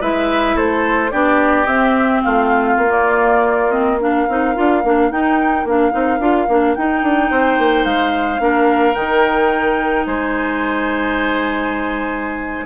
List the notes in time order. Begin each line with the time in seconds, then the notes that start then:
0.00 G#3 E4 B4 E5
0.55 A3 A4 C5
1.11 B3 D4 G4 D5
1.66 C4 E5
2.23 A3 F4 F5
2.77 A#3
2.88 A#3 D5
3.71 C4 D#5
4.00 D4 A#4 F5
4.28 C4 D#4
4.55 D4 F4
4.83 A#3 D4
5.11 D#4 G5
5.64 A#3 D4 F5
5.91 C4 D#4
6.19 D4 F4
6.48 A#3 D4
6.75 D#4 G5
7.03 D4
7.31 C4 C5
7.58 A#3
7.84 G#3 F5
8.39 A#3 D4 A#4
8.94 D#3 D#4 G5
10.06 G#3 C5 G#5